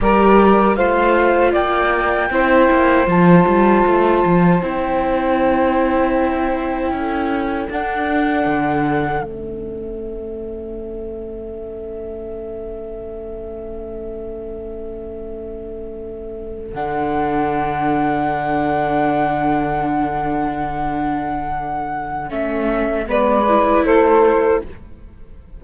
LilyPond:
<<
  \new Staff \with { instrumentName = "flute" } { \time 4/4 \tempo 4 = 78 d''4 f''4 g''2 | a''2 g''2~ | g''2 fis''2 | e''1~ |
e''1~ | e''4.~ e''16 fis''2~ fis''16~ | fis''1~ | fis''4 e''4 d''4 c''4 | }
  \new Staff \with { instrumentName = "saxophone" } { \time 4/4 ais'4 c''4 d''4 c''4~ | c''1~ | c''4 a'2.~ | a'1~ |
a'1~ | a'1~ | a'1~ | a'2 b'4 a'4 | }
  \new Staff \with { instrumentName = "viola" } { \time 4/4 g'4 f'2 e'4 | f'2 e'2~ | e'2 d'2 | cis'1~ |
cis'1~ | cis'4.~ cis'16 d'2~ d'16~ | d'1~ | d'4 cis'4 b8 e'4. | }
  \new Staff \with { instrumentName = "cello" } { \time 4/4 g4 a4 ais4 c'8 ais8 | f8 g8 a8 f8 c'2~ | c'4 cis'4 d'4 d4 | a1~ |
a1~ | a4.~ a16 d2~ d16~ | d1~ | d4 a4 gis4 a4 | }
>>